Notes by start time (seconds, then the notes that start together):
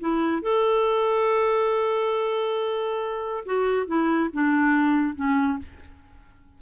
0.00 E4
0.42 A4
3.46 F#4
3.87 E4
4.33 D4
5.15 C#4